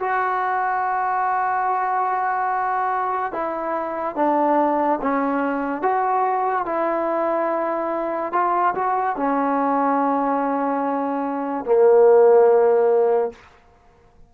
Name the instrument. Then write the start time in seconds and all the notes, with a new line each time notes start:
trombone
0.00 F#4
3.33 E4
4.16 D4
5.02 C#4
5.83 F#4
6.66 E4
8.33 F4
8.75 F#4
9.17 C#4
11.66 A#3